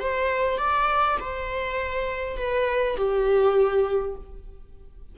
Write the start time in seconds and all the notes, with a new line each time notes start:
0.00 C5
0.58 D5
1.20 C5
2.37 B4
2.97 G4